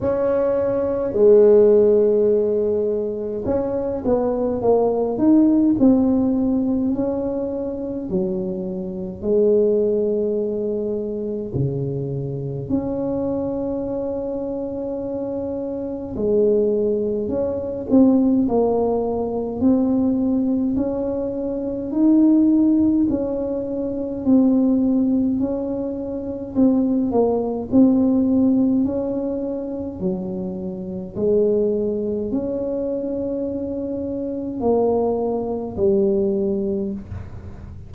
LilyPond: \new Staff \with { instrumentName = "tuba" } { \time 4/4 \tempo 4 = 52 cis'4 gis2 cis'8 b8 | ais8 dis'8 c'4 cis'4 fis4 | gis2 cis4 cis'4~ | cis'2 gis4 cis'8 c'8 |
ais4 c'4 cis'4 dis'4 | cis'4 c'4 cis'4 c'8 ais8 | c'4 cis'4 fis4 gis4 | cis'2 ais4 g4 | }